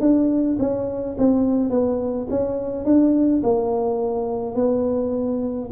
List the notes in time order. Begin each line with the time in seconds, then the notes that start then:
0.00 D4
0.59 C#4
1.18 C4
1.70 B3
2.30 C#4
2.84 D4
3.43 A#3
4.55 B3